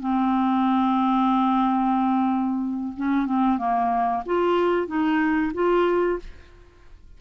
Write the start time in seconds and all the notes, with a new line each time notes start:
0.00 C4
2.97 C#4
3.26 C4
3.58 A#3
4.26 F4
4.87 D#4
5.54 F4